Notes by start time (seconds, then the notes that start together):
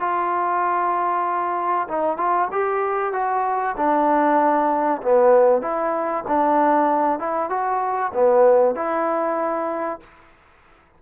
0.00 F4
1.88 D#4
2.17 F4
2.51 G4
3.13 F#4
3.77 D4
5.02 B3
5.61 E4
6.28 D4
7.19 E4
7.49 F#4
8.13 B3
8.75 E4